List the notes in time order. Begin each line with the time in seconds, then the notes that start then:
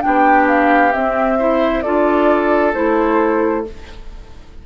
0.00 B3 D4 G4 G5
0.47 F5
0.92 C4 E5
1.38 E4 C5
1.81 D4 F4 A4 D5
2.73 A3 E4 C5